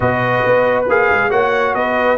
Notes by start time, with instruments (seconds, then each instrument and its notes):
0.00 tuba B2, trombone F#4, horn B4, trumpet D#5
0.45 tuba B3
0.88 tuba A#3, trombone G#4, trumpet F5
1.11 tuba G#3
1.30 tuba A#3, trombone F#4, horn C#5, trumpet F#5
1.74 tuba B3, horn B4, trumpet D#5